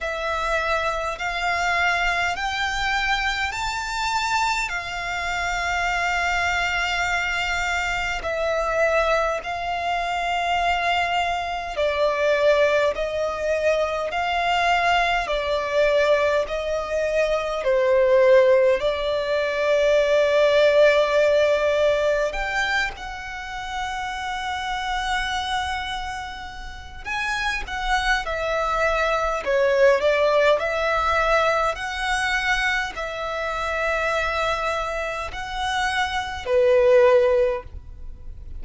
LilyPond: \new Staff \with { instrumentName = "violin" } { \time 4/4 \tempo 4 = 51 e''4 f''4 g''4 a''4 | f''2. e''4 | f''2 d''4 dis''4 | f''4 d''4 dis''4 c''4 |
d''2. g''8 fis''8~ | fis''2. gis''8 fis''8 | e''4 cis''8 d''8 e''4 fis''4 | e''2 fis''4 b'4 | }